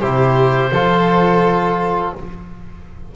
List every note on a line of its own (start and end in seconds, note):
0.00 0.72 C3
0.00 0.72 E4
0.00 0.71 G4
0.00 2.12 C5
0.72 2.13 F3
0.72 2.16 F4
0.72 2.14 A4